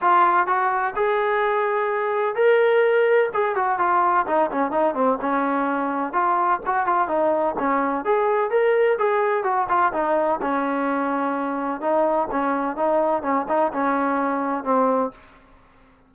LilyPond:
\new Staff \with { instrumentName = "trombone" } { \time 4/4 \tempo 4 = 127 f'4 fis'4 gis'2~ | gis'4 ais'2 gis'8 fis'8 | f'4 dis'8 cis'8 dis'8 c'8 cis'4~ | cis'4 f'4 fis'8 f'8 dis'4 |
cis'4 gis'4 ais'4 gis'4 | fis'8 f'8 dis'4 cis'2~ | cis'4 dis'4 cis'4 dis'4 | cis'8 dis'8 cis'2 c'4 | }